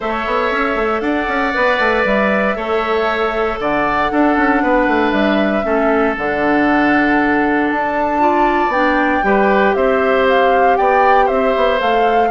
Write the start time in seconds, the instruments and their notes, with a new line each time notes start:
0.00 bassoon A3, clarinet A4, oboe C#5, flute E5
0.26 bassoon B3
0.51 bassoon C#4
0.75 bassoon A3
1.00 bassoon D4, oboe D5, flute F#5
1.27 bassoon C#4
1.53 bassoon B3, clarinet B4
1.79 bassoon A3
2.04 bassoon G3, flute E5
2.56 bassoon A3, clarinet A4, oboe C#5
3.59 bassoon D3, oboe D5, flute F#5
4.11 clarinet D4, bassoon D4, oboe A4
4.37 bassoon C#4
4.62 bassoon B3, oboe B4
4.87 bassoon A3
5.10 bassoon G3, flute E5
5.63 bassoon A3, clarinet C#4, oboe A4
6.17 bassoon D3, clarinet D4, flute F#5
7.70 bassoon D4, flute A5
8.19 clarinet F4, oboe D5
8.67 bassoon B3, clarinet D4, flute G5
9.22 bassoon G3, clarinet G4, oboe B4
9.74 bassoon C4, oboe C5, flute E5
10.28 flute F5
10.76 bassoon B3, oboe D5, flute G5
11.25 bassoon C4, oboe C5, flute E5
11.55 bassoon B3
11.79 bassoon A3, clarinet A4, flute F5